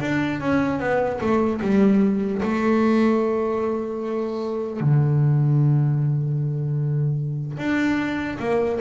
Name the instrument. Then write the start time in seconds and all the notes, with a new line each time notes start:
double bass
0.00 D4
0.40 C#4
0.79 B3
1.20 A3
1.61 G3
2.42 A3
4.80 D3
7.57 D4
8.39 A#3